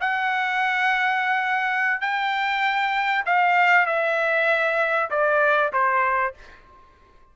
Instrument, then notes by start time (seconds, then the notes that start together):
trumpet
0.00 F#5
2.01 G5
3.26 F5
3.86 E5
5.10 D5
5.72 C5